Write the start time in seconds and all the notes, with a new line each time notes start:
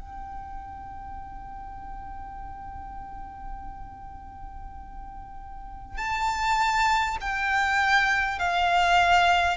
0.00 G5
5.97 A5
7.21 G5
8.38 F5